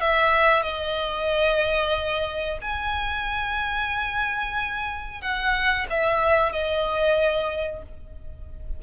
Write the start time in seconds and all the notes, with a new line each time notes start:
0.00 E5
0.63 D#5
2.61 G#5
5.21 F#5
5.90 E5
6.52 D#5